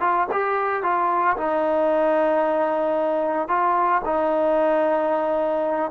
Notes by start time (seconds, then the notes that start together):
0.00 F4
0.32 G4
0.83 F4
1.37 D#4
3.48 F4
4.05 D#4